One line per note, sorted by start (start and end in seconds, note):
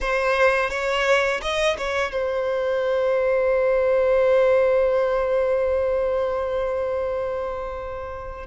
0.01 0.70 C5
0.70 1.40 C#5
1.41 1.76 D#5
1.77 2.11 C#5
2.11 8.46 C5